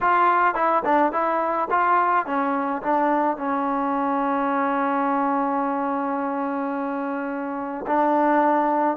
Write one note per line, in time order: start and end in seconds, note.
0.01 0.54 F4
0.54 0.82 E4
0.84 1.12 D4
1.12 1.68 E4
1.70 2.26 F4
2.26 2.82 C#4
2.82 3.37 D4
3.37 7.85 C#4
7.86 8.97 D4